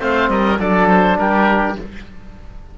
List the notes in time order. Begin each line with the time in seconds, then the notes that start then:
0.00 A3 C4 C5 F5
0.29 G3 A#4 D#5
0.59 F#3 D4 A4 D5
0.89 C5
1.17 G3 G4 A#4